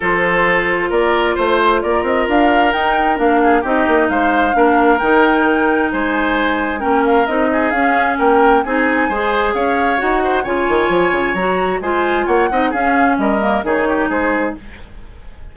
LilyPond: <<
  \new Staff \with { instrumentName = "flute" } { \time 4/4 \tempo 4 = 132 c''2 d''4 c''4 | d''8 dis''8 f''4 g''4 f''4 | dis''4 f''2 g''4~ | g''4 gis''2 g''8 f''8 |
dis''4 f''4 g''4 gis''4~ | gis''4 f''4 fis''4 gis''4~ | gis''4 ais''4 gis''4 fis''4 | f''4 dis''4 cis''4 c''4 | }
  \new Staff \with { instrumentName = "oboe" } { \time 4/4 a'2 ais'4 c''4 | ais'2.~ ais'8 gis'8 | g'4 c''4 ais'2~ | ais'4 c''2 ais'4~ |
ais'8 gis'4. ais'4 gis'4 | c''4 cis''4. c''8 cis''4~ | cis''2 c''4 cis''8 dis''8 | gis'4 ais'4 gis'8 g'8 gis'4 | }
  \new Staff \with { instrumentName = "clarinet" } { \time 4/4 f'1~ | f'2 dis'4 d'4 | dis'2 d'4 dis'4~ | dis'2. cis'4 |
dis'4 cis'2 dis'4 | gis'2 fis'4 f'4~ | f'4 fis'4 f'4. dis'8 | cis'4. ais8 dis'2 | }
  \new Staff \with { instrumentName = "bassoon" } { \time 4/4 f2 ais4 a4 | ais8 c'8 d'4 dis'4 ais4 | c'8 ais8 gis4 ais4 dis4~ | dis4 gis2 ais4 |
c'4 cis'4 ais4 c'4 | gis4 cis'4 dis'4 cis8 dis8 | f8 cis8 fis4 gis4 ais8 c'8 | cis'4 g4 dis4 gis4 | }
>>